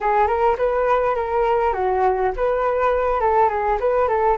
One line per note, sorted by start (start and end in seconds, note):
0.00 0.27 G#4
0.27 0.56 A#4
0.57 1.15 B4
1.15 1.73 A#4
1.73 2.31 F#4
2.36 3.20 B4
3.20 3.49 A4
3.49 3.78 G#4
3.80 4.08 B4
4.08 4.37 A4